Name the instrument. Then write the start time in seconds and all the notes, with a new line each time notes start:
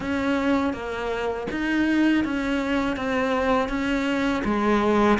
cello
0.00 C#4
0.73 A#3
1.50 D#4
2.24 C#4
2.96 C4
3.68 C#4
4.44 G#3